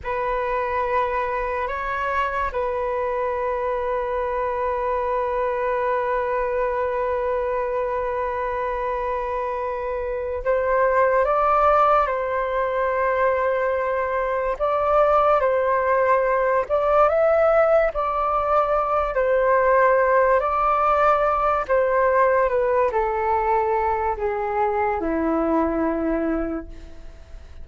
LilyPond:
\new Staff \with { instrumentName = "flute" } { \time 4/4 \tempo 4 = 72 b'2 cis''4 b'4~ | b'1~ | b'1~ | b'8 c''4 d''4 c''4.~ |
c''4. d''4 c''4. | d''8 e''4 d''4. c''4~ | c''8 d''4. c''4 b'8 a'8~ | a'4 gis'4 e'2 | }